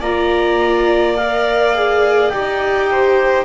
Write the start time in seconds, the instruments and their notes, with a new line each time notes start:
0.00 double bass A#3, viola F4, violin D5, clarinet A#5
1.16 viola A#4, clarinet F5
1.74 viola G#4
2.29 double bass D#4, viola G4, clarinet G5
2.91 violin C5